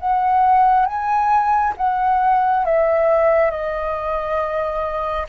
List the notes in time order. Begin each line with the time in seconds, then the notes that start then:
0.00 F#5
0.86 G#5
1.78 F#5
2.66 E5
3.51 D#5